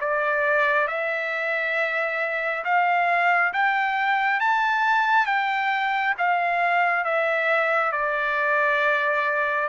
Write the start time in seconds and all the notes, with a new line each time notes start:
0.00 D5
0.87 E5
2.64 F5
3.53 G5
4.40 A5
5.26 G5
6.18 F5
7.04 E5
7.92 D5